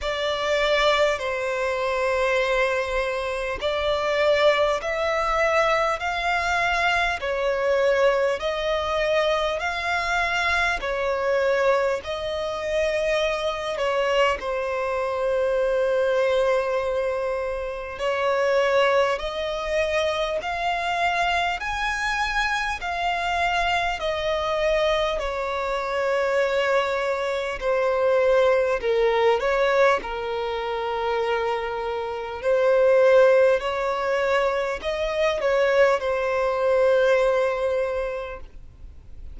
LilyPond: \new Staff \with { instrumentName = "violin" } { \time 4/4 \tempo 4 = 50 d''4 c''2 d''4 | e''4 f''4 cis''4 dis''4 | f''4 cis''4 dis''4. cis''8 | c''2. cis''4 |
dis''4 f''4 gis''4 f''4 | dis''4 cis''2 c''4 | ais'8 cis''8 ais'2 c''4 | cis''4 dis''8 cis''8 c''2 | }